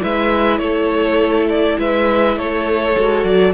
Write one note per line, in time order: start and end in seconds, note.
0.00 0.59 G#3
0.00 2.94 E4
0.00 0.61 B4
0.00 0.58 E5
0.58 1.77 A3
0.58 1.79 A4
0.58 1.46 C#5
1.49 1.78 D5
1.78 2.37 G#3
1.78 2.38 B4
1.78 2.38 E5
2.37 2.95 A3
2.37 3.53 A4
2.37 3.24 C#5
2.96 3.24 G#3
2.96 3.53 F#4
3.24 3.53 F#3
3.24 3.53 D5